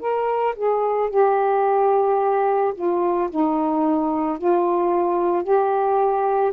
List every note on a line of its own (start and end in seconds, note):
0.00 0.55 A#4
0.56 1.10 G#4
1.10 2.74 G4
2.75 3.29 F4
3.30 4.38 D#4
4.38 5.44 F4
5.44 6.53 G4